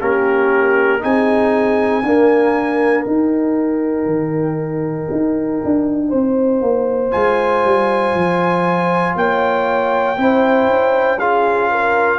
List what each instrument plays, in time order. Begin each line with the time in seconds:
0.00 tuba A#3, trombone C#4, horn G4, trumpet A#4
1.01 tuba C4, trombone D#4, horn G#4, trumpet G#5
2.04 trombone A#3, tuba D4, horn A#4
3.06 trombone D#4, tuba D#4, trumpet G5
4.07 tuba D#3
5.12 tuba D#4
5.65 tuba D4
6.09 tuba C4, horn C5
6.62 tuba A#3
7.11 tuba G#3, trombone F4, trumpet G#5
7.65 tuba G3
8.15 tuba F3
9.16 tuba A#3, horn C#5, trumpet G5
10.17 tuba C4, trombone E4, horn C5
10.69 tuba C#4
11.19 trombone F4, horn G#4, trumpet F5
11.72 horn A#4